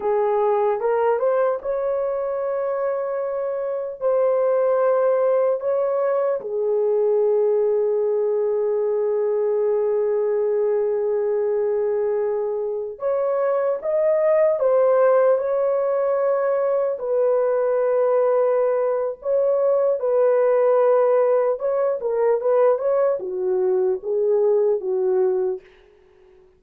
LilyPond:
\new Staff \with { instrumentName = "horn" } { \time 4/4 \tempo 4 = 75 gis'4 ais'8 c''8 cis''2~ | cis''4 c''2 cis''4 | gis'1~ | gis'1~ |
gis'16 cis''4 dis''4 c''4 cis''8.~ | cis''4~ cis''16 b'2~ b'8. | cis''4 b'2 cis''8 ais'8 | b'8 cis''8 fis'4 gis'4 fis'4 | }